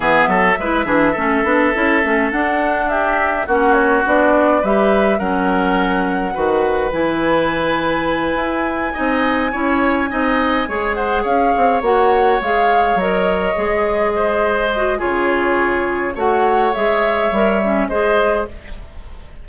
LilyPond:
<<
  \new Staff \with { instrumentName = "flute" } { \time 4/4 \tempo 4 = 104 e''1 | fis''4 e''4 fis''8 cis''8 d''4 | e''4 fis''2. | gis''1~ |
gis''2. fis''8 f''8~ | f''8 fis''4 f''4 dis''4.~ | dis''2 cis''2 | fis''4 e''2 dis''4 | }
  \new Staff \with { instrumentName = "oboe" } { \time 4/4 gis'8 a'8 b'8 gis'8 a'2~ | a'4 g'4 fis'2 | b'4 ais'2 b'4~ | b'2.~ b'8 dis''8~ |
dis''8 cis''4 dis''4 cis''8 c''8 cis''8~ | cis''1~ | cis''8 c''4. gis'2 | cis''2. c''4 | }
  \new Staff \with { instrumentName = "clarinet" } { \time 4/4 b4 e'8 d'8 cis'8 d'8 e'8 cis'8 | d'2 cis'4 d'4 | g'4 cis'2 fis'4 | e'2.~ e'8 dis'8~ |
dis'8 e'4 dis'4 gis'4.~ | gis'8 fis'4 gis'4 ais'4 gis'8~ | gis'4. fis'8 f'2 | fis'4 gis'4 ais'8 cis'8 gis'4 | }
  \new Staff \with { instrumentName = "bassoon" } { \time 4/4 e8 fis8 gis8 e8 a8 b8 cis'8 a8 | d'2 ais4 b4 | g4 fis2 dis4 | e2~ e8 e'4 c'8~ |
c'8 cis'4 c'4 gis4 cis'8 | c'8 ais4 gis4 fis4 gis8~ | gis2 cis2 | a4 gis4 g4 gis4 | }
>>